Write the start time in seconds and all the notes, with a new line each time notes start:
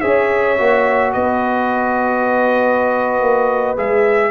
0.00 C#4 G#4 C#5 E5
0.57 A#3 F#4
1.12 B3 B4 D#5
3.20 A#3
3.76 G#3 G#4 E5